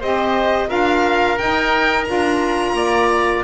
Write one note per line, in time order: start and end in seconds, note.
0.00 0.70 C4
0.00 0.68 G4
0.00 0.69 C5
0.00 0.70 D#5
0.68 1.39 D4
0.68 1.36 F4
0.68 2.76 A#4
0.68 1.39 F5
1.39 2.09 D#4
1.39 2.07 D#4
1.39 2.05 G5
2.05 2.73 D4
2.05 3.44 F4
2.05 3.43 A#5
2.73 3.42 A#3
2.73 3.44 D5